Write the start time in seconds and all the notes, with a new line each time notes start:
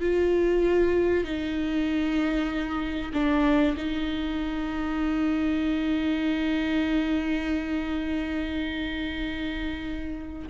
0.00 F4
1.24 D#4
3.13 D4
3.77 D#4